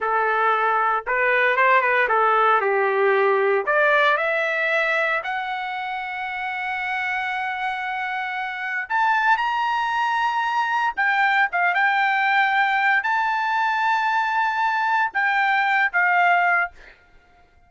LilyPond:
\new Staff \with { instrumentName = "trumpet" } { \time 4/4 \tempo 4 = 115 a'2 b'4 c''8 b'8 | a'4 g'2 d''4 | e''2 fis''2~ | fis''1~ |
fis''4 a''4 ais''2~ | ais''4 g''4 f''8 g''4.~ | g''4 a''2.~ | a''4 g''4. f''4. | }